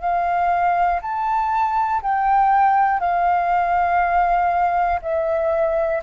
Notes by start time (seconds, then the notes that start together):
0.00 F5
1.01 A5
2.02 G5
3.00 F5
5.02 E5